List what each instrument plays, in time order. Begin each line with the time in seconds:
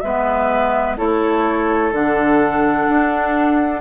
0.00 bassoon G#3, clarinet B3, oboe B4, flute E5
0.97 bassoon A3, clarinet E4, oboe A4, flute C#5
1.91 bassoon D3, clarinet D4, flute F#5
2.88 bassoon D4